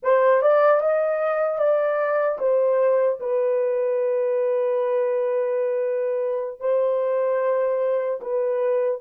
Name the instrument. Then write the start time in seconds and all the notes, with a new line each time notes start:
horn
0.02 C5
0.41 D5
0.80 D#5
1.58 D5
2.39 C5
3.20 B4
6.60 C5
8.21 B4